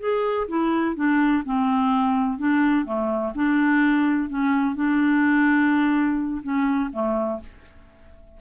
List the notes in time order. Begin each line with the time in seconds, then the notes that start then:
0.00 G#4
0.48 E4
0.96 D4
1.46 C4
2.39 D4
2.86 A3
3.35 D4
4.30 C#4
4.75 D4
6.43 C#4
6.93 A3